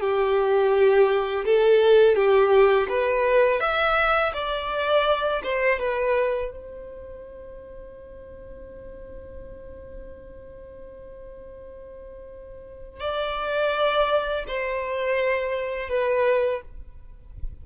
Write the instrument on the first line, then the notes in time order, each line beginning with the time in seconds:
violin
0.00 G4
1.45 A4
2.15 G4
2.89 B4
3.60 E5
4.33 D5
5.43 C5
5.79 B4
6.52 C5
13.00 D5
14.47 C5
15.89 B4